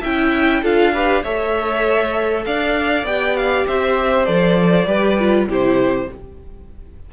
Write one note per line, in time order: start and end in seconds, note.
0.00 0.63 C#4
0.00 0.63 E4
0.00 0.61 E5
0.00 0.64 G5
0.62 1.24 D4
0.62 0.94 F4
0.62 0.93 A4
0.62 1.24 F5
0.93 1.24 G4
0.93 1.23 B4
1.23 2.46 A3
1.23 3.06 A4
1.23 2.44 C#5
1.23 2.45 E5
2.45 3.04 D4
2.45 3.67 D5
2.45 3.06 F5
3.04 3.64 B3
3.04 4.26 G4
3.04 3.36 G5
3.36 3.67 F5
3.67 4.28 C4
3.67 4.87 C5
3.67 4.25 E5
4.25 4.86 F3
4.25 4.86 A4
4.25 5.46 D5
4.86 5.46 G3
4.86 5.17 G4
4.86 5.48 B4
5.18 5.49 F4
5.47 6.08 C3
5.47 6.09 E4
5.47 6.10 G4
5.47 6.12 C5